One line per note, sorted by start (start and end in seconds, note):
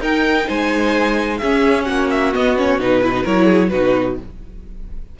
0.00 0.46 D#4
0.00 1.41 D#4
0.00 0.46 A#4
0.00 0.49 G5
0.46 1.41 G#3
0.46 1.39 C5
0.46 1.37 G#5
1.37 1.88 C#4
1.37 2.33 C#4
1.37 1.86 G#4
1.37 1.83 E5
1.84 2.34 A#3
1.84 3.00 F#4
1.84 2.07 F#5
2.10 2.33 E5
2.33 2.57 B3
2.33 2.78 B3
2.33 2.57 D#5
2.57 2.80 C#4
2.57 2.80 C#5
2.78 3.24 B2
2.78 3.03 D#4
2.78 3.25 B4
3.00 3.13 E4
3.00 3.23 B4
3.13 3.24 D#4
3.23 3.72 F#3
3.23 3.71 E4
3.23 3.45 A#4
3.23 3.69 C#5
3.45 3.68 G#4
3.69 4.18 B2
3.69 4.19 D#4
3.69 4.17 F#4
3.69 4.15 B4